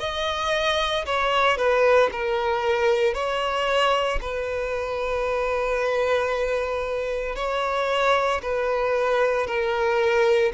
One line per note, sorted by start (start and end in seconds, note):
0.00 1.05 D#5
1.06 1.57 C#5
1.57 2.10 B4
2.12 3.14 A#4
3.14 4.20 C#5
4.21 7.36 B4
7.36 8.41 C#5
8.42 9.47 B4
9.47 10.52 A#4